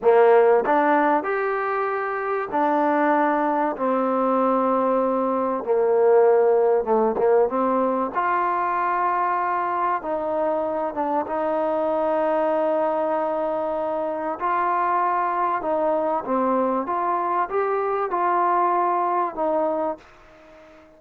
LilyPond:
\new Staff \with { instrumentName = "trombone" } { \time 4/4 \tempo 4 = 96 ais4 d'4 g'2 | d'2 c'2~ | c'4 ais2 a8 ais8 | c'4 f'2. |
dis'4. d'8 dis'2~ | dis'2. f'4~ | f'4 dis'4 c'4 f'4 | g'4 f'2 dis'4 | }